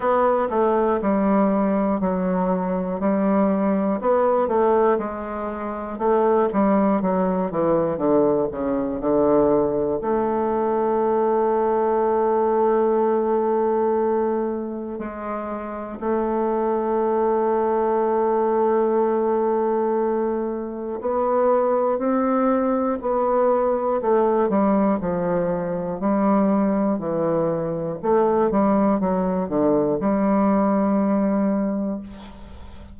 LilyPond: \new Staff \with { instrumentName = "bassoon" } { \time 4/4 \tempo 4 = 60 b8 a8 g4 fis4 g4 | b8 a8 gis4 a8 g8 fis8 e8 | d8 cis8 d4 a2~ | a2. gis4 |
a1~ | a4 b4 c'4 b4 | a8 g8 f4 g4 e4 | a8 g8 fis8 d8 g2 | }